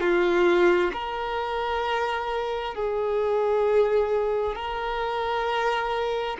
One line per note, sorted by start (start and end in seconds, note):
0.00 0.91 F4
0.93 2.74 A#4
2.75 4.55 G#4
4.55 6.37 A#4